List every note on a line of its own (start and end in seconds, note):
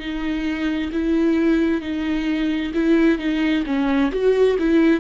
0.00 0.91 D#4
0.93 1.81 E4
1.81 2.72 D#4
2.74 3.19 E4
3.19 3.64 D#4
3.66 4.12 C#4
4.12 4.57 F#4
4.59 5.00 E4